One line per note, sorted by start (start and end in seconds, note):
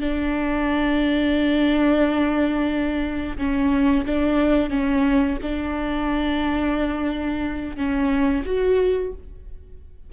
0.00 3.37 D4
3.38 4.05 C#4
4.05 4.70 D4
4.70 5.37 C#4
5.42 7.76 D4
7.76 8.44 C#4
8.45 9.12 F#4